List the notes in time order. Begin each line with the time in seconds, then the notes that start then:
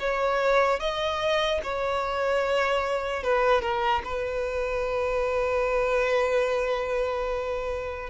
0.00 C#5
0.80 D#5
1.63 C#5
3.24 B4
3.62 A#4
4.05 B4